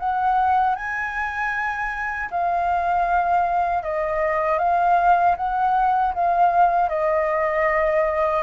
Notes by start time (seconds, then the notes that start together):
0.00 F#5
0.76 G#5
2.31 F5
3.84 D#5
4.59 F5
5.37 F#5
6.15 F5
6.90 D#5